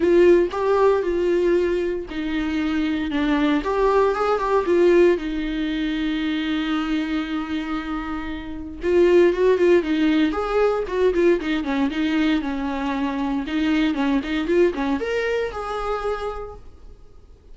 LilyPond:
\new Staff \with { instrumentName = "viola" } { \time 4/4 \tempo 4 = 116 f'4 g'4 f'2 | dis'2 d'4 g'4 | gis'8 g'8 f'4 dis'2~ | dis'1~ |
dis'4 f'4 fis'8 f'8 dis'4 | gis'4 fis'8 f'8 dis'8 cis'8 dis'4 | cis'2 dis'4 cis'8 dis'8 | f'8 cis'8 ais'4 gis'2 | }